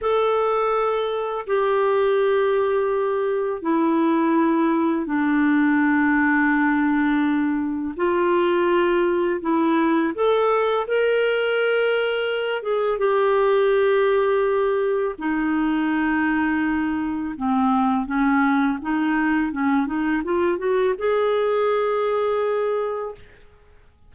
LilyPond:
\new Staff \with { instrumentName = "clarinet" } { \time 4/4 \tempo 4 = 83 a'2 g'2~ | g'4 e'2 d'4~ | d'2. f'4~ | f'4 e'4 a'4 ais'4~ |
ais'4. gis'8 g'2~ | g'4 dis'2. | c'4 cis'4 dis'4 cis'8 dis'8 | f'8 fis'8 gis'2. | }